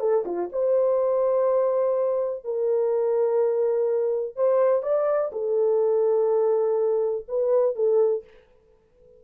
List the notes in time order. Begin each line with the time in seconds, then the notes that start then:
0.00 A4
0.26 F4
0.52 C5
2.45 A#4
4.36 C5
4.83 D5
5.32 A4
7.28 B4
7.76 A4